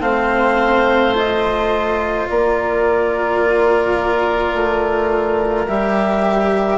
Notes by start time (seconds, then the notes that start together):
0.00 A3 C4 C5 F5
1.15 F4 D#5
2.29 A#3 A#4 D5
4.54 A3
5.68 G3 G4 E5